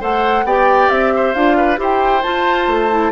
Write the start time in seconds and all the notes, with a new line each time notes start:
0.00 A3 A4 C5 F#5
0.44 B3 G4 D5 G5
0.89 C4 E5
1.16 C5
1.33 D4 F4 F5
1.57 B4
1.76 E4 G4 C5
1.83 G5
2.23 F4 A5
2.67 A3
2.90 E4